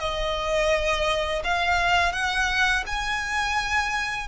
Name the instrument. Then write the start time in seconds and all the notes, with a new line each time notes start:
violin
0.00 D#5
1.44 F5
2.13 F#5
2.87 G#5